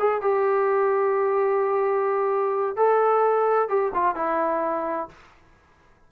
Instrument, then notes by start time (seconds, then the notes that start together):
trombone
0.00 G#4
0.22 G4
2.77 A4
3.69 G4
3.95 F4
4.16 E4